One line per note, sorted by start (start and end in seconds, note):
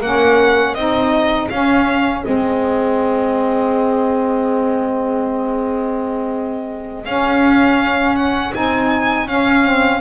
0.00 0.75 A#3
0.00 0.76 C#4
0.00 0.73 A#4
0.00 0.75 F#5
0.73 1.49 C4
0.73 1.50 D#4
0.73 9.99 G#4
0.73 1.49 D#5
1.50 2.23 C#4
1.50 2.24 C#4
1.50 2.24 F5
2.23 7.05 G#3
2.23 7.04 C4
2.23 7.05 D#5
7.05 8.53 C#4
7.05 8.16 F5
8.16 8.53 F#5
8.53 9.27 C4
8.53 9.27 D#4
8.53 9.28 G#5
9.27 10.01 C#4
9.27 9.64 C#4
9.27 10.01 F5
9.64 10.01 C4